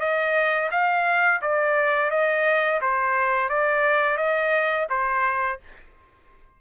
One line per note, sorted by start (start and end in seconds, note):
0.00 0.70 D#5
0.71 1.41 F5
1.42 2.11 D5
2.11 2.80 D#5
2.82 3.49 C5
3.49 4.17 D5
4.17 4.87 D#5
4.90 5.60 C5